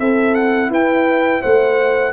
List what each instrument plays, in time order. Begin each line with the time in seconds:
0.00 tuba C4, trombone E4, horn A4, trumpet E5
0.35 trumpet F#5
0.70 tuba E4, horn B4, trumpet G5
1.42 tuba A3, horn C5, trumpet F#5